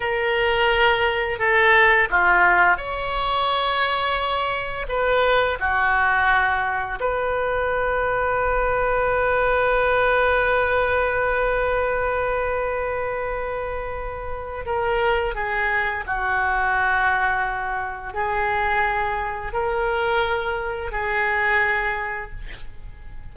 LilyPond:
\new Staff \with { instrumentName = "oboe" } { \time 4/4 \tempo 4 = 86 ais'2 a'4 f'4 | cis''2. b'4 | fis'2 b'2~ | b'1~ |
b'1~ | b'4 ais'4 gis'4 fis'4~ | fis'2 gis'2 | ais'2 gis'2 | }